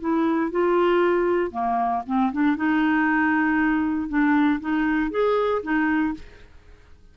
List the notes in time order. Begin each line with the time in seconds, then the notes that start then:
0.00 E4
0.51 F4
1.52 A#3
2.07 C4
2.33 D4
2.57 D#4
4.09 D4
4.61 D#4
5.11 G#4
5.63 D#4